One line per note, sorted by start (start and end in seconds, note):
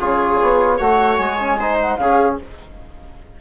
0.00 0.41 C#3
0.00 0.80 F4
0.00 0.78 G#4
0.00 0.79 C#5
0.42 0.80 B3
0.78 1.19 A3
0.78 1.40 F#4
0.78 1.58 C#5
0.78 1.18 F#5
1.18 1.98 G#3
1.18 1.78 G#5
1.40 1.60 C#4
1.60 2.01 D#4
1.60 2.00 C5
1.82 1.97 F#5
1.97 2.38 C#3
1.97 2.41 C#4
1.97 2.41 G#4
1.97 2.37 F5